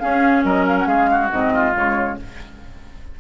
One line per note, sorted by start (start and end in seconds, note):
0.00 1.32 C#4
0.00 0.45 C#4
0.00 0.46 G#4
0.00 0.43 F5
0.45 0.86 F#3
0.45 0.88 A#4
0.45 0.67 D#5
0.67 0.78 F5
0.79 0.87 F#5
0.86 1.30 G#3
0.86 1.10 G#4
0.86 1.31 F5
1.11 1.54 F#4
1.32 1.76 G#2
1.32 1.74 C4
1.32 1.76 D#5
1.54 2.19 F4
1.74 2.19 C#3
1.74 2.17 G#3
1.74 2.20 C#5